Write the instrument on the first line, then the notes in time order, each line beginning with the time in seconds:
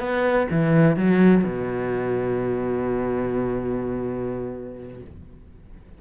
cello
0.00 B3
0.51 E3
0.97 F#3
1.44 B2